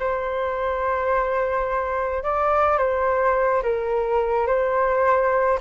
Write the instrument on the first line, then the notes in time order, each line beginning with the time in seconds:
flute
0.00 C5
2.24 D5
2.79 C5
3.63 A#4
4.47 C5